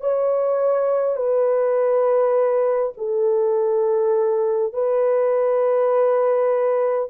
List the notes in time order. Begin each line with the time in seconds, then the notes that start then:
0.00 C#5
1.16 B4
2.97 A4
4.73 B4